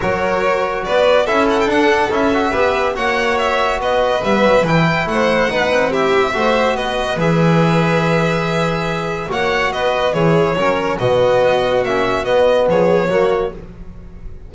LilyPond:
<<
  \new Staff \with { instrumentName = "violin" } { \time 4/4 \tempo 4 = 142 cis''2 d''4 e''8 fis''16 g''16 | fis''4 e''2 fis''4 | e''4 dis''4 e''4 g''4 | fis''2 e''2 |
dis''4 e''2.~ | e''2 fis''4 dis''4 | cis''2 dis''2 | e''4 dis''4 cis''2 | }
  \new Staff \with { instrumentName = "violin" } { \time 4/4 ais'2 b'4 a'4~ | a'2 b'4 cis''4~ | cis''4 b'2. | c''4 b'4 g'4 c''4 |
b'1~ | b'2 cis''4 b'4 | gis'4 ais'4 fis'2~ | fis'2 gis'4 fis'4 | }
  \new Staff \with { instrumentName = "trombone" } { \time 4/4 fis'2. e'4 | d'4 e'8 fis'8 g'4 fis'4~ | fis'2 b4 e'4~ | e'4 dis'4 e'4 fis'4~ |
fis'4 gis'2.~ | gis'2 fis'2 | e'4 cis'4 b2 | cis'4 b2 ais4 | }
  \new Staff \with { instrumentName = "double bass" } { \time 4/4 fis2 b4 cis'4 | d'4 cis'4 b4 ais4~ | ais4 b4 g8 fis8 e4 | a4 b8 c'4. a4 |
b4 e2.~ | e2 ais4 b4 | e4 fis4 b,4 b4 | ais4 b4 f4 fis4 | }
>>